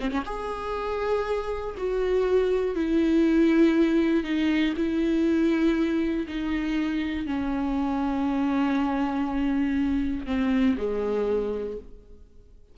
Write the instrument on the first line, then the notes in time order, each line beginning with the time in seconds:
viola
0.00 C4
0.10 C#4
0.25 G#4
1.77 F#4
2.75 E4
4.24 D#4
4.77 E4
6.27 D#4
7.26 C#4
10.26 C4
10.77 G#3